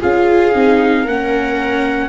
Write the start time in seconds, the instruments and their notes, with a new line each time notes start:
0.00 tuba C#4, viola F4 G#4, trumpet F5
0.52 tuba C4, viola D#4
1.03 tuba A#3, viola C#4 A#4, trumpet F#5